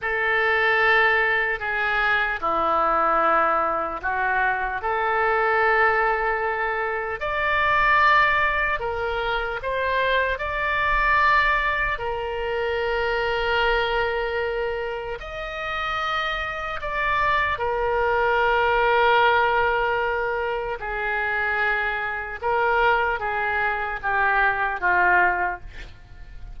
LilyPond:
\new Staff \with { instrumentName = "oboe" } { \time 4/4 \tempo 4 = 75 a'2 gis'4 e'4~ | e'4 fis'4 a'2~ | a'4 d''2 ais'4 | c''4 d''2 ais'4~ |
ais'2. dis''4~ | dis''4 d''4 ais'2~ | ais'2 gis'2 | ais'4 gis'4 g'4 f'4 | }